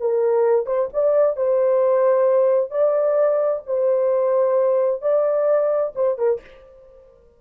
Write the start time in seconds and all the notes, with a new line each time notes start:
0.00 A#4
0.66 C5
0.93 D5
1.36 C5
2.71 D5
3.66 C5
5.02 D5
5.95 C5
6.18 A#4